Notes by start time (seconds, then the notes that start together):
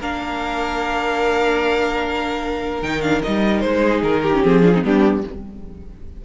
0.00 A#3 D4 A#4 F5
2.82 D#3 D#4 G5
3.01 D4 F5
3.23 G3 D#4 D#5
3.61 G#3 C5
3.83 G#4
4.03 D#3 A#4
4.23 G4
4.35 C#4
4.44 F3 C4 G#4
4.63 D4 F4
4.74 C4 D#4
4.83 G3 B3 D4 G4